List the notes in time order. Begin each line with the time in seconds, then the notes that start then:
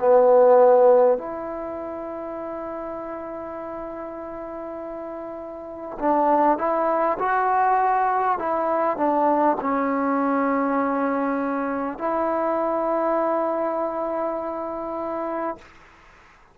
0.00 B3
1.18 E4
5.99 D4
6.58 E4
7.19 F#4
8.39 E4
8.98 D4
9.61 C#4
11.98 E4